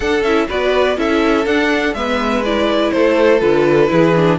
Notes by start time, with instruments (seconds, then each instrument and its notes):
0.00 cello D4, viola D4, violin A4 F#5
0.23 cello C#4, viola E4, violin E5
0.48 cello B3, viola F#4, violin B4 D5
0.96 cello C#4, viola E4, violin A4 E5
1.46 cello D4, viola D4, violin F#5
1.93 cello G#3, viola B3, violin B4 E5
2.44 viola E4, violin D5
2.90 cello A3, violin A4 C5
3.39 cello D3, viola F4, violin B4
3.87 cello E3, viola E4, violin G#4
4.15 viola D4